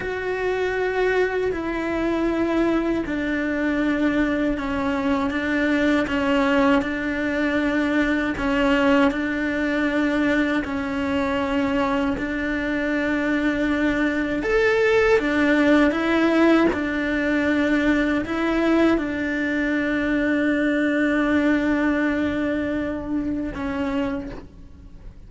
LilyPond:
\new Staff \with { instrumentName = "cello" } { \time 4/4 \tempo 4 = 79 fis'2 e'2 | d'2 cis'4 d'4 | cis'4 d'2 cis'4 | d'2 cis'2 |
d'2. a'4 | d'4 e'4 d'2 | e'4 d'2.~ | d'2. cis'4 | }